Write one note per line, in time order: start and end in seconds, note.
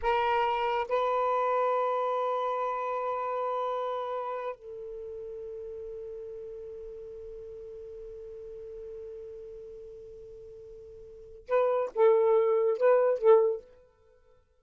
0.02 0.87 A#4
0.88 4.55 B4
4.55 11.47 A4
11.47 11.90 B4
11.95 12.77 A4
12.77 13.18 B4
13.18 13.61 A4